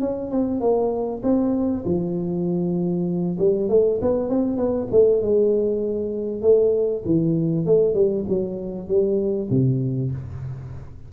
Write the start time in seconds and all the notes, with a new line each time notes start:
0.00 C#4
0.31 C4
0.60 A#3
1.22 C4
1.85 F3
3.38 G3
3.69 A3
4.01 B3
4.29 C4
4.56 B3
4.91 A3
5.22 G#3
6.41 A3
7.05 E3
7.65 A3
7.94 G3
8.28 F#3
8.87 G3
9.50 C3